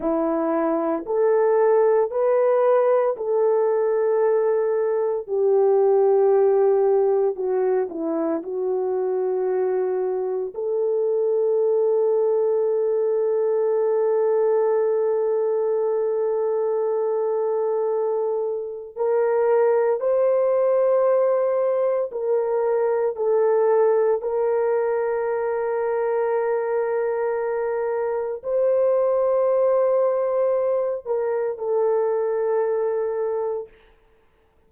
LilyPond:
\new Staff \with { instrumentName = "horn" } { \time 4/4 \tempo 4 = 57 e'4 a'4 b'4 a'4~ | a'4 g'2 fis'8 e'8 | fis'2 a'2~ | a'1~ |
a'2 ais'4 c''4~ | c''4 ais'4 a'4 ais'4~ | ais'2. c''4~ | c''4. ais'8 a'2 | }